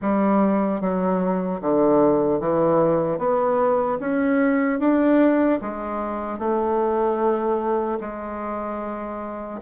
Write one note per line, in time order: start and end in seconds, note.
0.01 0.80 G3
0.80 1.60 F#3
1.61 2.40 D3
2.40 3.18 E3
3.18 3.98 B3
4.00 4.79 C#4
4.79 5.59 D4
5.61 6.38 G#3
6.38 7.98 A3
8.00 9.60 G#3